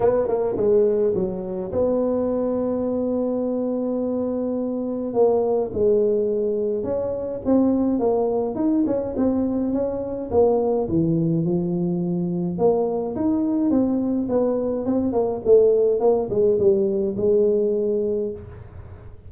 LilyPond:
\new Staff \with { instrumentName = "tuba" } { \time 4/4 \tempo 4 = 105 b8 ais8 gis4 fis4 b4~ | b1~ | b4 ais4 gis2 | cis'4 c'4 ais4 dis'8 cis'8 |
c'4 cis'4 ais4 e4 | f2 ais4 dis'4 | c'4 b4 c'8 ais8 a4 | ais8 gis8 g4 gis2 | }